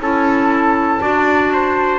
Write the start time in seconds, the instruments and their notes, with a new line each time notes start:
0.00 double bass C#4, clarinet E4, trumpet A4, flute A5
1.01 double bass D4, clarinet F#4, trumpet D5
1.53 trumpet C5